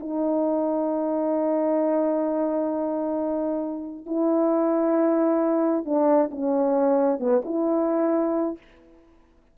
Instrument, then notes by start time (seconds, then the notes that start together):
horn
0.00 D#4
4.06 E4
5.85 D4
6.31 C#4
7.20 B3
7.45 E4